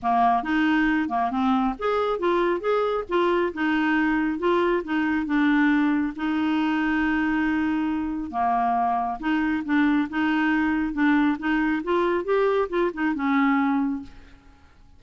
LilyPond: \new Staff \with { instrumentName = "clarinet" } { \time 4/4 \tempo 4 = 137 ais4 dis'4. ais8 c'4 | gis'4 f'4 gis'4 f'4 | dis'2 f'4 dis'4 | d'2 dis'2~ |
dis'2. ais4~ | ais4 dis'4 d'4 dis'4~ | dis'4 d'4 dis'4 f'4 | g'4 f'8 dis'8 cis'2 | }